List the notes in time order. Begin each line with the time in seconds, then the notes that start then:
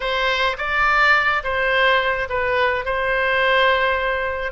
0.00 C5
0.57 D5
1.43 C5
2.29 B4
2.85 C5